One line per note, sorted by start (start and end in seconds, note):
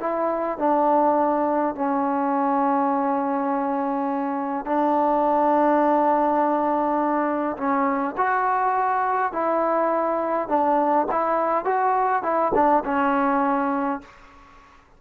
0.00 0.58 E4
0.59 1.75 D4
1.75 4.65 C#4
4.65 7.57 D4
7.57 8.15 C#4
8.17 9.32 F#4
9.32 10.48 E4
10.48 11.07 D4
11.11 11.65 E4
11.65 12.23 F#4
12.23 12.52 E4
12.54 12.83 D4
12.84 14.01 C#4